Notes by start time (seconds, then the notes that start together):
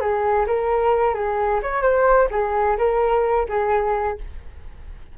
0.00 G#4
0.47 A#4
1.15 G#4
1.62 C#5
1.82 C5
2.31 G#4
2.78 A#4
3.49 G#4